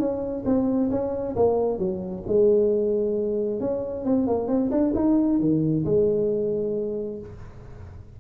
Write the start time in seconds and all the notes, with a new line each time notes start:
0.00 C#4
0.46 C4
0.91 C#4
1.36 A#3
1.79 F#3
2.28 G#3
3.61 C#4
4.05 C4
4.28 A#3
4.48 C4
4.71 D4
4.95 D#4
5.40 D#3
5.86 G#3